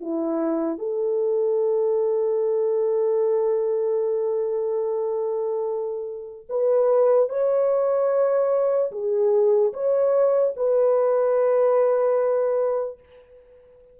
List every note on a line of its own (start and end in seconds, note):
0.00 0.78 E4
0.78 6.46 A4
6.49 7.29 B4
7.29 8.91 C#5
8.91 9.72 G#4
9.73 10.54 C#5
10.56 12.99 B4